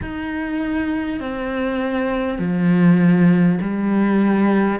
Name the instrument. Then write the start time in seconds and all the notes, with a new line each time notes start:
cello
0.02 D#4
1.19 C4
2.38 F3
3.61 G3